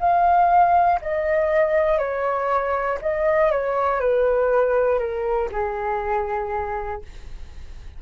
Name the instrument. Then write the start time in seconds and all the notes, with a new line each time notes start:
flute
0.00 F5
1.01 D#5
1.98 C#5
3.02 D#5
3.51 C#5
4.00 B4
5.00 A#4
5.52 G#4